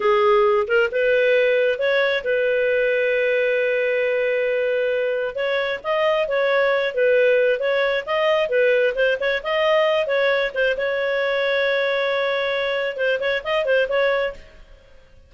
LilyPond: \new Staff \with { instrumentName = "clarinet" } { \time 4/4 \tempo 4 = 134 gis'4. ais'8 b'2 | cis''4 b'2.~ | b'1 | cis''4 dis''4 cis''4. b'8~ |
b'4 cis''4 dis''4 b'4 | c''8 cis''8 dis''4. cis''4 c''8 | cis''1~ | cis''4 c''8 cis''8 dis''8 c''8 cis''4 | }